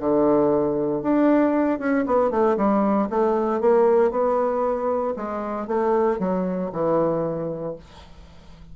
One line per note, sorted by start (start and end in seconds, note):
0.00 1.03 D3
1.03 1.79 D4
1.79 2.05 C#4
2.07 2.31 B3
2.31 2.57 A3
2.57 3.09 G3
3.10 3.61 A3
3.61 4.11 A#3
4.11 5.15 B3
5.16 5.68 G#3
5.68 6.19 A3
6.19 6.71 F#3
6.73 7.76 E3